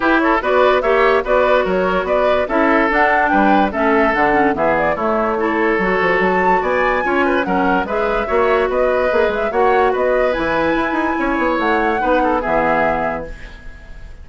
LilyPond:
<<
  \new Staff \with { instrumentName = "flute" } { \time 4/4 \tempo 4 = 145 b'8 cis''8 d''4 e''4 d''4 | cis''4 d''4 e''4 fis''4 | g''4 e''4 fis''4 e''8 d''8 | cis''2. a''4 |
gis''2 fis''4 e''4~ | e''4 dis''4. e''8 fis''4 | dis''4 gis''2. | fis''2 e''2 | }
  \new Staff \with { instrumentName = "oboe" } { \time 4/4 g'8 a'8 b'4 cis''4 b'4 | ais'4 b'4 a'2 | b'4 a'2 gis'4 | e'4 a'2. |
d''4 cis''8 b'8 ais'4 b'4 | cis''4 b'2 cis''4 | b'2. cis''4~ | cis''4 b'8 a'8 gis'2 | }
  \new Staff \with { instrumentName = "clarinet" } { \time 4/4 e'4 fis'4 g'4 fis'4~ | fis'2 e'4 d'4~ | d'4 cis'4 d'8 cis'8 b4 | a4 e'4 fis'2~ |
fis'4 f'4 cis'4 gis'4 | fis'2 gis'4 fis'4~ | fis'4 e'2.~ | e'4 dis'4 b2 | }
  \new Staff \with { instrumentName = "bassoon" } { \time 4/4 e'4 b4 ais4 b4 | fis4 b4 cis'4 d'4 | g4 a4 d4 e4 | a2 fis8 f8 fis4 |
b4 cis'4 fis4 gis4 | ais4 b4 ais8 gis8 ais4 | b4 e4 e'8 dis'8 cis'8 b8 | a4 b4 e2 | }
>>